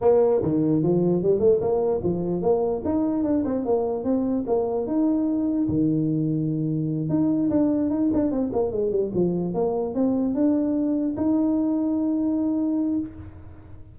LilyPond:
\new Staff \with { instrumentName = "tuba" } { \time 4/4 \tempo 4 = 148 ais4 dis4 f4 g8 a8 | ais4 f4 ais4 dis'4 | d'8 c'8 ais4 c'4 ais4 | dis'2 dis2~ |
dis4. dis'4 d'4 dis'8 | d'8 c'8 ais8 gis8 g8 f4 ais8~ | ais8 c'4 d'2 dis'8~ | dis'1 | }